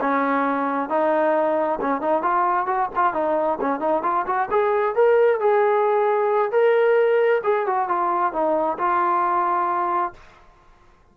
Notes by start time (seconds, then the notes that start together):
0.00 C#4
0.89 D#4
1.80 C#4
2.01 D#4
2.22 F4
2.66 F#4
2.95 F4
3.13 D#4
3.60 C#4
3.80 D#4
4.03 F4
4.26 F#4
4.51 G#4
4.95 A#4
5.40 G#4
6.51 A#4
7.44 G#4
7.66 F#4
7.88 F4
8.32 D#4
8.78 F4